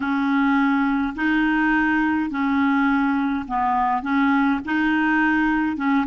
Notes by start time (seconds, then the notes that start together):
0.00 C#4
1.15 D#4
2.30 C#4
3.47 B3
4.02 C#4
4.65 D#4
5.76 C#4